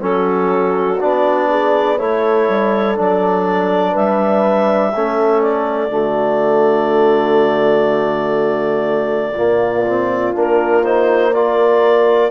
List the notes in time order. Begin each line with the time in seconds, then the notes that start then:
0.00 F#3 C#4 F#4 A4
1.00 B3 D4 D5
1.50 G#4
1.99 A3 E4 A4 C#5
2.49 G3
2.96 F#3 D4 D5
3.92 G3 B4 E5
4.93 A3 C#4 A4
5.42 D5
5.89 D3 A3 F#4
9.35 A#2 A#3 F4
9.87 C4
10.34 A#3 D4 A#4
10.84 D#4 C5
11.34 F4 A#4 D5